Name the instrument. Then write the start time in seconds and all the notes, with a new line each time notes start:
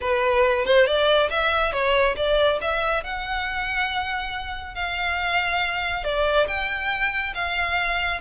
violin
0.00 B4
0.65 C5
0.86 D5
1.29 E5
1.72 C#5
2.16 D5
2.61 E5
3.03 F#5
4.75 F5
6.03 D5
6.47 G5
7.34 F5